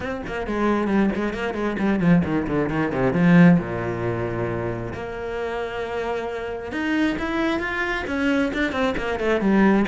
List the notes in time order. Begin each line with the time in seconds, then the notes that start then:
0.00 C4
0.26 A#3
0.46 G#3
0.87 G3
1.15 G#3
1.33 A#3
1.53 G#3
1.78 G3
2.00 F3
2.24 D#3
2.47 D3
2.69 D#3
2.92 C3
3.13 F3
3.58 A#2
4.93 A#3
6.71 D#4
7.19 E4
7.59 F4
8.07 C#4
8.53 D4
8.72 C4
8.97 A#3
9.19 A3
9.41 G3